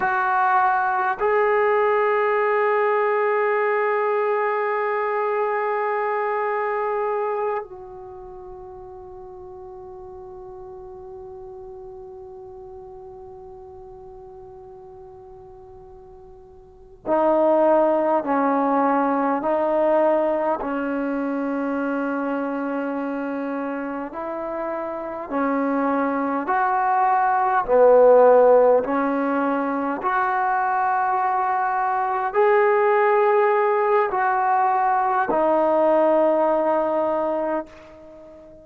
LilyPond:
\new Staff \with { instrumentName = "trombone" } { \time 4/4 \tempo 4 = 51 fis'4 gis'2.~ | gis'2~ gis'8 fis'4.~ | fis'1~ | fis'2~ fis'8 dis'4 cis'8~ |
cis'8 dis'4 cis'2~ cis'8~ | cis'8 e'4 cis'4 fis'4 b8~ | b8 cis'4 fis'2 gis'8~ | gis'4 fis'4 dis'2 | }